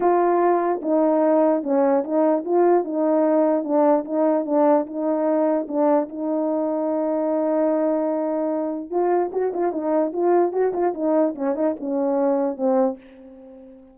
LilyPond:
\new Staff \with { instrumentName = "horn" } { \time 4/4 \tempo 4 = 148 f'2 dis'2 | cis'4 dis'4 f'4 dis'4~ | dis'4 d'4 dis'4 d'4 | dis'2 d'4 dis'4~ |
dis'1~ | dis'2 f'4 fis'8 f'8 | dis'4 f'4 fis'8 f'8 dis'4 | cis'8 dis'8 cis'2 c'4 | }